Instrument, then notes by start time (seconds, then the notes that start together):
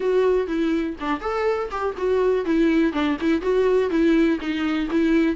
viola
0.00 F#4
0.47 E4
1.00 D4
1.20 A4
1.70 G4
1.97 F#4
2.45 E4
2.92 D4
3.20 E4
3.41 F#4
3.90 E4
4.39 D#4
4.90 E4